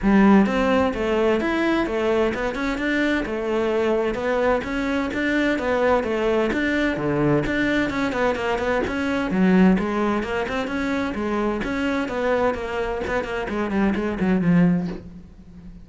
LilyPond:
\new Staff \with { instrumentName = "cello" } { \time 4/4 \tempo 4 = 129 g4 c'4 a4 e'4 | a4 b8 cis'8 d'4 a4~ | a4 b4 cis'4 d'4 | b4 a4 d'4 d4 |
d'4 cis'8 b8 ais8 b8 cis'4 | fis4 gis4 ais8 c'8 cis'4 | gis4 cis'4 b4 ais4 | b8 ais8 gis8 g8 gis8 fis8 f4 | }